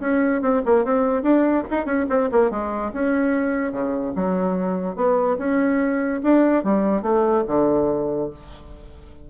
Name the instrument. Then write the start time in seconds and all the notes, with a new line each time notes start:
bassoon
0.00 C#4
0.41 C4
0.65 A#3
0.84 C4
1.22 D4
1.70 D#4
1.85 C#4
2.09 C4
2.31 A#3
2.50 G#3
2.93 C#4
3.72 C#3
4.15 F#3
4.95 B3
5.38 C#4
6.23 D4
6.63 G3
7.02 A3
7.47 D3